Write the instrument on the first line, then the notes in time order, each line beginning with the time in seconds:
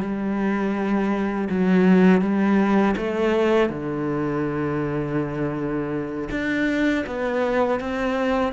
cello
0.00 G3
1.49 F#3
2.21 G3
2.97 A3
3.69 D3
6.31 D4
7.06 B3
7.80 C4